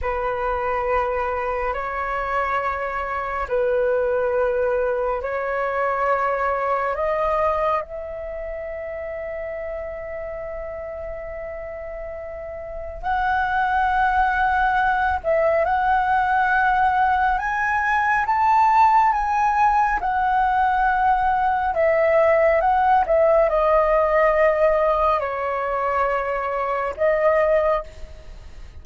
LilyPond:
\new Staff \with { instrumentName = "flute" } { \time 4/4 \tempo 4 = 69 b'2 cis''2 | b'2 cis''2 | dis''4 e''2.~ | e''2. fis''4~ |
fis''4. e''8 fis''2 | gis''4 a''4 gis''4 fis''4~ | fis''4 e''4 fis''8 e''8 dis''4~ | dis''4 cis''2 dis''4 | }